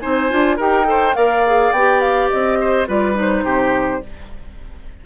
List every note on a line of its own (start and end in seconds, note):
0.00 0.32 C4
0.00 0.30 D#4
0.00 0.57 C5
0.00 0.57 G#5
0.30 0.59 D4
0.30 0.59 F4
0.57 1.16 D#4
0.57 0.85 G4
0.57 0.86 A#4
0.57 1.15 G5
0.85 1.14 A4
0.85 1.16 C5
1.15 1.72 A#3
1.15 1.43 A#4
1.15 2.59 D5
1.15 1.73 F5
1.47 1.75 G#4
1.72 2.29 B3
1.72 2.88 G4
1.72 2.01 G5
2.01 2.30 F5
2.30 2.89 C4
2.30 2.87 D#5
2.61 2.88 C5
2.88 3.44 G3
2.88 3.15 F4
2.88 3.45 B4
2.88 3.19 D5
3.15 4.01 D#4
3.15 4.06 C5
3.44 4.01 C3
3.44 4.02 G4